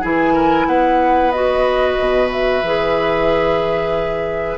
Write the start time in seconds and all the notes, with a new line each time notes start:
0.00 E3 E4 G#4 G#5
0.33 A#4
0.66 B3 B4 F#5
1.31 F#4 D#5
1.98 B2
2.31 E5
2.62 E3 G#4